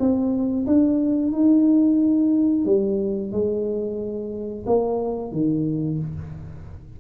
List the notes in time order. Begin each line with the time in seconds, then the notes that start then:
0.00 C4
0.67 D4
1.32 D#4
2.66 G3
3.32 G#3
4.67 A#3
5.32 D#3